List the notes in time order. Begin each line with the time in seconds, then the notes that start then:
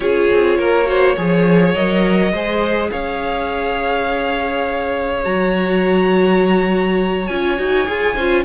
0.00 C#4 F4 G#4 C#5
0.32 C4
0.58 A#3 A#4
0.85 F#4 C5
1.15 F3 G#4 C#5
1.74 F#3 A#4 D#5
2.32 G#3 G#4 C5
2.91 C#4 C#5 F5
5.24 F#3 F#4 A#5
7.26 C#4 F4 G#5
7.57 D#4 F#4
7.86 F4 G#4
8.15 C#4 F4 C5